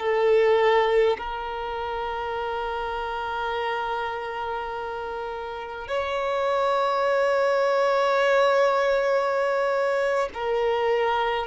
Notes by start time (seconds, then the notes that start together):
0.00 A4
1.18 A#4
5.88 C#5
10.34 A#4